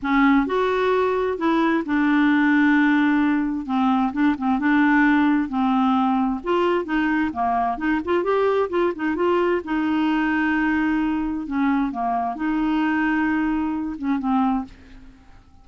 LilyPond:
\new Staff \with { instrumentName = "clarinet" } { \time 4/4 \tempo 4 = 131 cis'4 fis'2 e'4 | d'1 | c'4 d'8 c'8 d'2 | c'2 f'4 dis'4 |
ais4 dis'8 f'8 g'4 f'8 dis'8 | f'4 dis'2.~ | dis'4 cis'4 ais4 dis'4~ | dis'2~ dis'8 cis'8 c'4 | }